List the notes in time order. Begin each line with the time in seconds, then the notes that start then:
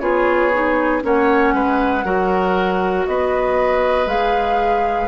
0.00 B3 F4 G#4 C#5
0.53 D#4
1.02 A#3 C#4 C#5 F#5
1.54 G#3 B4
2.04 F#3 F#4 A#4
3.07 B3 B4 D#5
4.07 G#3 G#4 F5